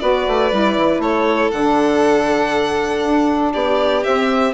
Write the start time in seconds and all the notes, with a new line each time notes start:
0.00 B3 F#4 B4 D5
0.28 A3
0.51 G3 E4
0.78 E3
0.99 A3 A4 C#5
1.51 D3 D4 F#5
3.05 D4
3.52 B3 G4 D5
4.04 C4 E5